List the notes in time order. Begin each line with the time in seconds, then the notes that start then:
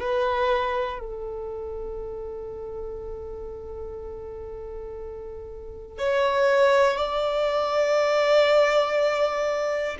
0.00 B4
1.00 A4
5.99 C#5
6.97 D5